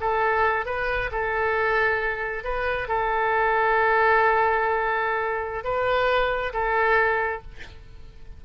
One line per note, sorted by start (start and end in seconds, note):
0.00 0.66 A4
0.66 1.10 B4
1.12 2.44 A4
2.44 2.88 B4
2.88 5.64 A4
5.64 6.53 B4
6.53 7.42 A4